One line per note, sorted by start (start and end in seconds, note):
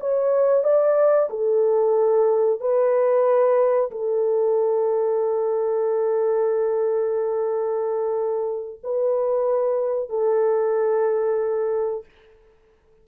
0.00 0.63 C#5
0.63 1.29 D5
1.30 2.60 A4
2.60 3.90 B4
3.91 8.80 A4
8.83 10.09 B4
10.09 12.05 A4